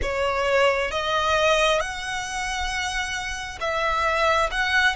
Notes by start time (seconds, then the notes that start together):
0.02 C#5
0.91 D#5
1.80 F#5
3.60 E5
4.51 F#5